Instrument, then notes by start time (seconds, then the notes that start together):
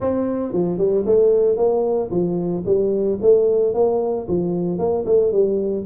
tuba
0.00 C4
0.52 F3
0.78 G3
1.06 A3
1.56 A#3
2.10 F3
2.65 G3
3.21 A3
3.74 A#3
4.28 F3
4.78 A#3
5.05 A3
5.31 G3